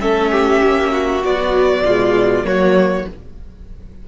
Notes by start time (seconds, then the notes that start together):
0.00 A3 C#4 A4 E5
0.31 G4
0.63 A#3
0.91 F#4
1.23 F#3 B3 D5
1.82 B2 G#3 F4
2.43 F#3 A#3 F#4 C#5